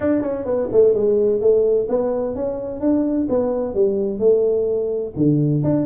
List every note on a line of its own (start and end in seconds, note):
0.00 0.21 D4
0.21 0.45 C#4
0.45 0.68 B3
0.72 0.94 A3
0.94 1.40 G#3
1.40 1.87 A3
1.88 2.35 B3
2.35 2.80 C#4
2.80 3.27 D4
3.29 3.74 B3
3.74 4.19 G3
4.19 5.13 A3
5.16 5.63 D3
5.63 5.86 D4